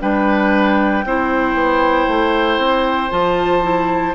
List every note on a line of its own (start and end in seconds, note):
0.00 1.05 G3
0.00 1.03 D4
0.00 1.05 B4
0.00 3.11 G5
1.05 1.54 C4
1.05 3.10 E4
1.05 4.15 C5
1.54 2.06 B3
2.08 2.58 A3
2.58 3.10 C4
3.10 4.15 F3
3.10 3.62 F4
3.10 4.14 A5
3.62 4.14 E4